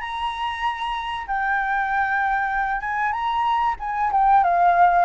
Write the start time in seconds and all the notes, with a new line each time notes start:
0.00 A#5
1.27 G5
2.80 G#5
3.12 A#5
3.79 G#5
4.12 G5
4.43 F5